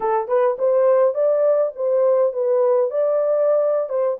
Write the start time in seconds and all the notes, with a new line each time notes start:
0.00 A4
0.27 B4
0.58 C5
1.14 D5
1.75 C5
2.32 B4
2.90 D5
3.89 C5